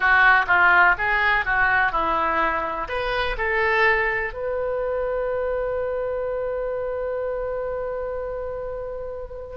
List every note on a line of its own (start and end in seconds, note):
0.00 0.45 F#4
0.47 0.95 F4
0.97 1.45 G#4
1.45 1.92 F#4
1.92 2.88 E4
2.88 3.36 B4
3.37 4.33 A4
4.33 9.57 B4